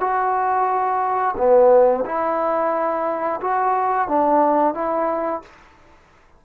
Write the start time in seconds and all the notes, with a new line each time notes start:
0.00 F#4
1.37 B3
2.05 E4
3.41 F#4
4.08 D4
4.74 E4